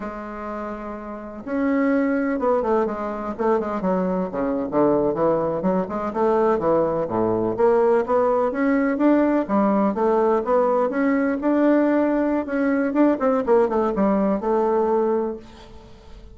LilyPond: \new Staff \with { instrumentName = "bassoon" } { \time 4/4 \tempo 4 = 125 gis2. cis'4~ | cis'4 b8 a8 gis4 a8 gis8 | fis4 cis8. d4 e4 fis16~ | fis16 gis8 a4 e4 a,4 ais16~ |
ais8. b4 cis'4 d'4 g16~ | g8. a4 b4 cis'4 d'16~ | d'2 cis'4 d'8 c'8 | ais8 a8 g4 a2 | }